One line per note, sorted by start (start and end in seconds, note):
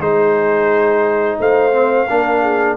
0.00 1.38 G#3
0.00 1.72 D#4
0.00 1.39 G#4
0.00 1.39 C5
1.40 2.09 A3
1.40 2.09 C5
1.40 2.77 F5
1.72 2.07 C4
2.09 2.77 A#3
2.09 2.77 D4
2.09 2.42 A#4
2.42 2.76 G#4